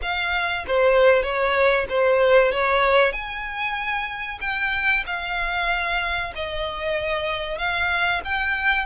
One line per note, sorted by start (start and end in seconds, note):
0.01 0.65 F5
0.67 1.23 C5
1.23 1.86 C#5
1.89 2.51 C5
2.51 3.12 C#5
3.12 4.38 G#5
4.40 5.04 G5
5.06 6.32 F5
6.35 7.58 D#5
7.58 8.21 F5
8.24 8.86 G5